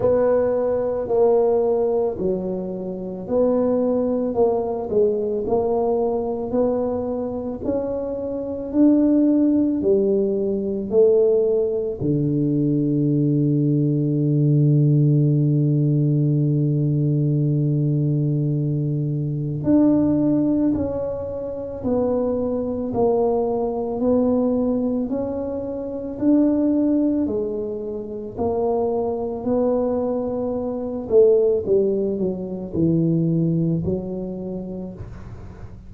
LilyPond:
\new Staff \with { instrumentName = "tuba" } { \time 4/4 \tempo 4 = 55 b4 ais4 fis4 b4 | ais8 gis8 ais4 b4 cis'4 | d'4 g4 a4 d4~ | d1~ |
d2 d'4 cis'4 | b4 ais4 b4 cis'4 | d'4 gis4 ais4 b4~ | b8 a8 g8 fis8 e4 fis4 | }